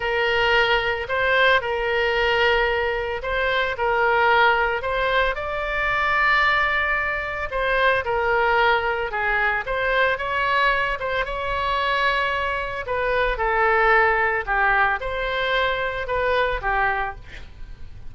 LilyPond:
\new Staff \with { instrumentName = "oboe" } { \time 4/4 \tempo 4 = 112 ais'2 c''4 ais'4~ | ais'2 c''4 ais'4~ | ais'4 c''4 d''2~ | d''2 c''4 ais'4~ |
ais'4 gis'4 c''4 cis''4~ | cis''8 c''8 cis''2. | b'4 a'2 g'4 | c''2 b'4 g'4 | }